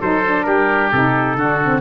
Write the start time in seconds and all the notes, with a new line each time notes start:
0.00 F#3 D#4 A4 C5
0.25 D4
0.43 G3 G4 A#4
0.92 C3 D#4 A4
1.36 D3 D4 F#4
1.63 C4